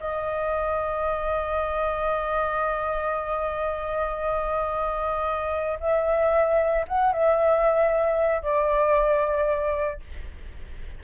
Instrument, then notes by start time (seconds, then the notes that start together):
flute
0.00 D#5
5.81 E5
6.88 F#5
7.13 E5
8.42 D5